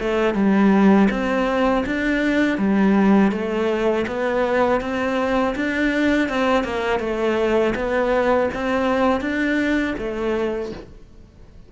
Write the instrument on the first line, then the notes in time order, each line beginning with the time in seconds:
cello
0.00 A3
0.34 G3
1.10 C4
1.86 D4
2.58 G3
3.31 A3
4.07 B3
4.80 C4
5.56 D4
6.29 C4
6.64 A#3
7.00 A3
7.75 B3
8.54 C4
9.21 D4
9.98 A3